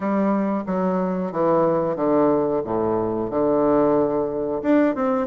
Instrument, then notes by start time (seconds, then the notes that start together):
bassoon
0.00 G3
0.66 F#3
1.32 E3
1.95 D3
2.64 A2
3.30 D3
4.62 D4
4.95 C4